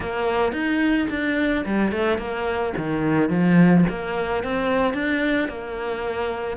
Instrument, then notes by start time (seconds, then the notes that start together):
cello
0.00 A#3
0.52 D#4
1.09 D4
1.65 G3
1.91 A3
2.18 A#3
2.77 D#3
3.29 F3
3.89 A#3
4.43 C4
4.93 D4
5.48 A#3